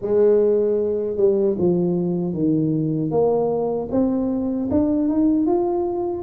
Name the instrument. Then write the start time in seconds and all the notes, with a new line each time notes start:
tuba
0.01 G#3
1.17 G3
1.58 F3
2.33 D#3
3.10 A#3
3.91 C4
4.70 D4
5.08 D#4
5.46 F4